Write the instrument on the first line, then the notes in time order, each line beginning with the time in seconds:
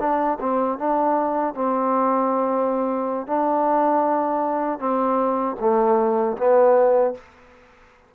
trombone
0.00 D4
0.40 C4
0.79 D4
1.55 C4
3.27 D4
4.79 C4
5.60 A3
6.38 B3